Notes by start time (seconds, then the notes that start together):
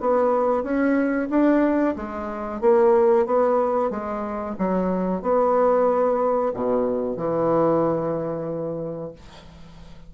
0.00 B3
0.63 C#4
1.30 D4
1.96 G#3
2.61 A#3
3.26 B3
3.90 G#3
4.58 F#3
5.22 B3
6.53 B2
7.17 E3